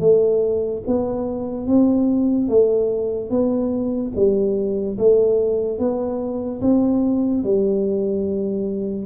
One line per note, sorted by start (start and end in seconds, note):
0.00 0.82 A3
0.87 1.67 B3
1.67 2.48 C4
2.48 3.30 A3
3.30 4.12 B3
4.15 4.98 G3
4.98 5.79 A3
5.79 6.61 B3
6.61 7.43 C4
7.43 9.06 G3